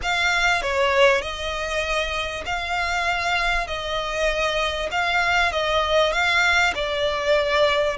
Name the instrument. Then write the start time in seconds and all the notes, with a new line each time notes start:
violin
0.02 F5
0.62 C#5
1.21 D#5
2.45 F5
3.67 D#5
4.91 F5
5.52 D#5
6.12 F5
6.74 D5